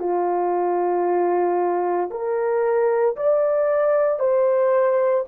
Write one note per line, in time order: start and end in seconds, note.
0.00 2.11 F4
2.11 3.16 A#4
3.17 4.20 D5
4.20 5.25 C5